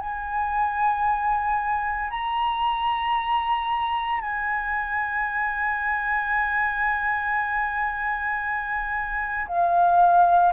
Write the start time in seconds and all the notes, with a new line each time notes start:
0.00 G#5
2.10 A#5
4.21 G#5
9.47 F5